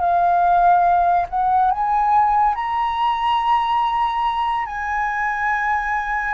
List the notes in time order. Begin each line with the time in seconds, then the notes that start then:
0.00 F5
1.29 F#5
1.71 G#5
2.55 A#5
4.66 G#5